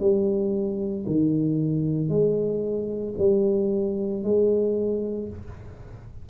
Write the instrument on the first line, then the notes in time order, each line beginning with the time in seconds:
tuba
0.00 G3
1.06 D#3
2.09 G#3
3.18 G3
4.23 G#3